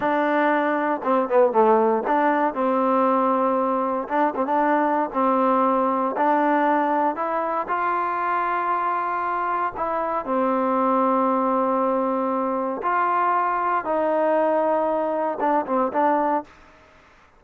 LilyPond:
\new Staff \with { instrumentName = "trombone" } { \time 4/4 \tempo 4 = 117 d'2 c'8 b8 a4 | d'4 c'2. | d'8 c'16 d'4~ d'16 c'2 | d'2 e'4 f'4~ |
f'2. e'4 | c'1~ | c'4 f'2 dis'4~ | dis'2 d'8 c'8 d'4 | }